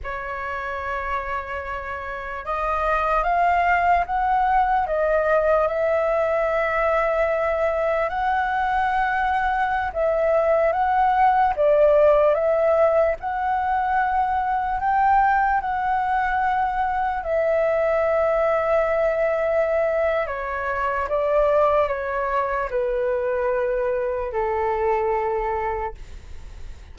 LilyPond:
\new Staff \with { instrumentName = "flute" } { \time 4/4 \tempo 4 = 74 cis''2. dis''4 | f''4 fis''4 dis''4 e''4~ | e''2 fis''2~ | fis''16 e''4 fis''4 d''4 e''8.~ |
e''16 fis''2 g''4 fis''8.~ | fis''4~ fis''16 e''2~ e''8.~ | e''4 cis''4 d''4 cis''4 | b'2 a'2 | }